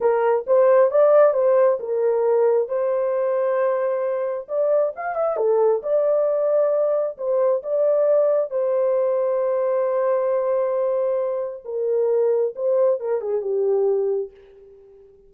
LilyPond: \new Staff \with { instrumentName = "horn" } { \time 4/4 \tempo 4 = 134 ais'4 c''4 d''4 c''4 | ais'2 c''2~ | c''2 d''4 f''8 e''8 | a'4 d''2. |
c''4 d''2 c''4~ | c''1~ | c''2 ais'2 | c''4 ais'8 gis'8 g'2 | }